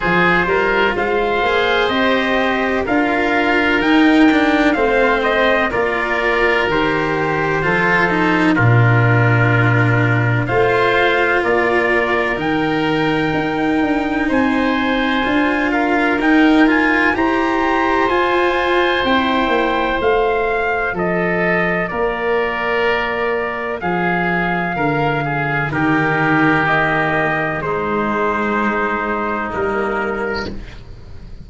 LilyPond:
<<
  \new Staff \with { instrumentName = "trumpet" } { \time 4/4 \tempo 4 = 63 c''4 f''4 dis''4 f''4 | g''4 f''8 dis''8 d''4 c''4~ | c''4 ais'2 f''4 | d''4 g''2 gis''4~ |
gis''8 f''8 g''8 gis''8 ais''4 gis''4 | g''4 f''4 dis''4 d''4~ | d''4 f''2 ais'4 | dis''4 c''2 ais'4 | }
  \new Staff \with { instrumentName = "oboe" } { \time 4/4 gis'8 ais'8 c''2 ais'4~ | ais'4 c''4 ais'2 | a'4 f'2 c''4 | ais'2. c''4~ |
c''8 ais'4. c''2~ | c''2 a'4 ais'4~ | ais'4 gis'4 ais'8 gis'8 g'4~ | g'4 dis'2. | }
  \new Staff \with { instrumentName = "cello" } { \time 4/4 f'4. gis'8 g'4 f'4 | dis'8 d'8 c'4 f'4 g'4 | f'8 dis'8 d'2 f'4~ | f'4 dis'2. |
f'4 dis'8 f'8 g'4 f'4 | e'4 f'2.~ | f'2. dis'4 | ais4 gis2 ais4 | }
  \new Staff \with { instrumentName = "tuba" } { \time 4/4 f8 g8 gis8 ais8 c'4 d'4 | dis'4 a4 ais4 dis4 | f4 ais,2 a4 | ais4 dis4 dis'8 d'8 c'4 |
d'4 dis'4 e'4 f'4 | c'8 ais8 a4 f4 ais4~ | ais4 f4 d4 dis4~ | dis4 gis2 g4 | }
>>